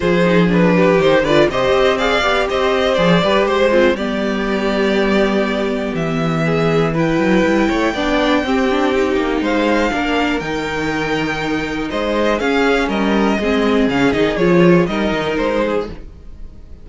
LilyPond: <<
  \new Staff \with { instrumentName = "violin" } { \time 4/4 \tempo 4 = 121 c''4 b'4 c''8 d''8 dis''4 | f''4 dis''4 d''4 c''4 | d''1 | e''2 g''2~ |
g''2. f''4~ | f''4 g''2. | dis''4 f''4 dis''2 | f''8 dis''8 cis''4 dis''4 c''4 | }
  \new Staff \with { instrumentName = "violin" } { \time 4/4 gis'4. g'4 b'8 c''4 | d''4 c''4. b'8 c''8 c'8 | g'1~ | g'4 gis'4 b'4. cis''8 |
d''4 g'2 c''4 | ais'1 | c''4 gis'4 ais'4 gis'4~ | gis'2 ais'4. gis'8 | }
  \new Staff \with { instrumentName = "viola" } { \time 4/4 f'8 dis'8 d'4 dis'8 f'8 g'4 | gis'8 g'4. gis'8 g'4 f'8 | b1~ | b2 e'2 |
d'4 c'8 d'8 dis'2 | d'4 dis'2.~ | dis'4 cis'2 c'4 | cis'8 dis'8 f'4 dis'2 | }
  \new Staff \with { instrumentName = "cello" } { \time 4/4 f2 dis8 d8 c8 c'8~ | c'8 b8 c'4 f8 g8 gis4 | g1 | e2~ e8 fis8 g8 a8 |
b4 c'4. ais8 gis4 | ais4 dis2. | gis4 cis'4 g4 gis4 | cis8 dis8 f4 g8 dis8 gis4 | }
>>